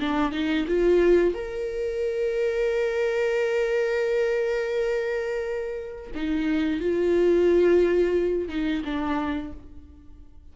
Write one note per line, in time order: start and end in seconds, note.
0.00 0.32 D4
0.32 0.66 D#4
0.68 1.34 F4
1.34 6.11 A#4
6.15 6.80 D#4
6.80 8.49 F4
8.49 8.83 D#4
8.85 9.53 D4